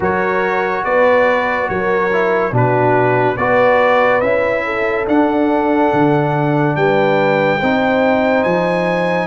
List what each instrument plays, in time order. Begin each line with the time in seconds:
0.00 tuba F#3, trombone F#4, horn A#4, trumpet C#5
0.84 tuba B3, horn B4, trumpet D5
1.68 tuba F#3, horn A#4, trumpet C#5
2.12 trombone E4
2.51 tuba B2, trombone D4, horn F#4, trumpet B4
3.36 tuba B3, trombone F#4, horn B4, trumpet D5
4.20 tuba C#4, trombone E4, trumpet E5
4.65 horn A4
5.06 trombone D4, tuba D4, trumpet F#5
5.93 tuba D3
6.76 tuba G3, horn B4, trumpet G5
7.59 tuba C4, trombone D#4, horn C5
8.43 tuba F3, trumpet G#5